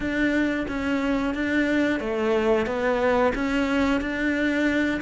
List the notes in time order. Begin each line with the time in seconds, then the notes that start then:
0.00 D4
0.68 C#4
1.34 D4
2.00 A3
2.66 B3
3.35 C#4
4.00 D4